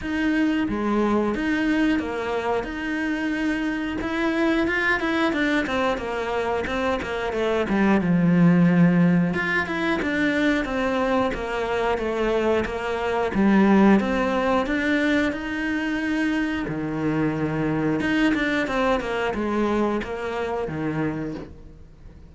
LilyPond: \new Staff \with { instrumentName = "cello" } { \time 4/4 \tempo 4 = 90 dis'4 gis4 dis'4 ais4 | dis'2 e'4 f'8 e'8 | d'8 c'8 ais4 c'8 ais8 a8 g8 | f2 f'8 e'8 d'4 |
c'4 ais4 a4 ais4 | g4 c'4 d'4 dis'4~ | dis'4 dis2 dis'8 d'8 | c'8 ais8 gis4 ais4 dis4 | }